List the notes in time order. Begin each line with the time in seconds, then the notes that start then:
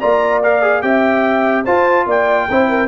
0.00 A#3 F4 D5 A#5
0.43 A#4 F5
0.62 G#4
0.82 C4 G4 E5 G5
1.65 F4 C5 A5
2.06 A#3 D5 G5
2.49 C4 E4 C5
2.69 A#4